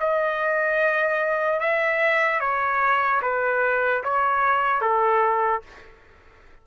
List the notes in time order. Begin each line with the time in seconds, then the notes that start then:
0.00 D#5
1.60 E5
2.40 C#5
3.22 B4
4.04 C#5
4.81 A4